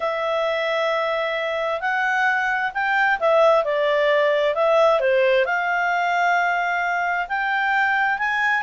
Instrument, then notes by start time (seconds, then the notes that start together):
clarinet
0.00 E5
1.80 F#5
2.74 G5
3.19 E5
3.64 D5
4.54 E5
4.99 C5
5.45 F5
7.28 G5
8.18 G#5